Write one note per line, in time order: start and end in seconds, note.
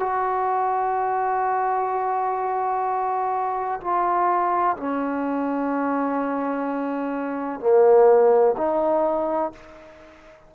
0.00 3.81 F#4
3.81 4.77 F4
4.77 7.61 C#4
7.61 8.56 A#3
8.58 9.53 D#4